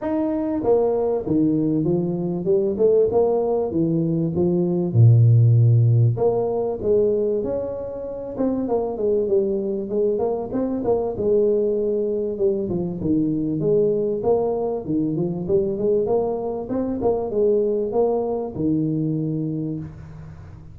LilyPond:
\new Staff \with { instrumentName = "tuba" } { \time 4/4 \tempo 4 = 97 dis'4 ais4 dis4 f4 | g8 a8 ais4 e4 f4 | ais,2 ais4 gis4 | cis'4. c'8 ais8 gis8 g4 |
gis8 ais8 c'8 ais8 gis2 | g8 f8 dis4 gis4 ais4 | dis8 f8 g8 gis8 ais4 c'8 ais8 | gis4 ais4 dis2 | }